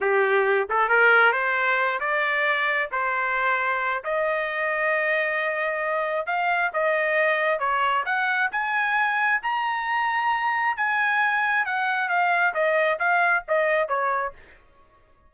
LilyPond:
\new Staff \with { instrumentName = "trumpet" } { \time 4/4 \tempo 4 = 134 g'4. a'8 ais'4 c''4~ | c''8 d''2 c''4.~ | c''4 dis''2.~ | dis''2 f''4 dis''4~ |
dis''4 cis''4 fis''4 gis''4~ | gis''4 ais''2. | gis''2 fis''4 f''4 | dis''4 f''4 dis''4 cis''4 | }